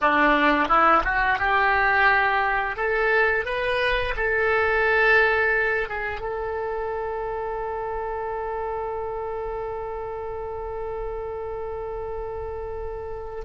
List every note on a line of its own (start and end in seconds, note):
0.01 0.68 D4
0.68 1.03 E4
1.04 1.38 F#4
1.38 2.76 G4
2.76 3.45 A4
3.45 4.14 B4
4.16 5.88 A4
5.88 6.20 G#4
6.20 13.44 A4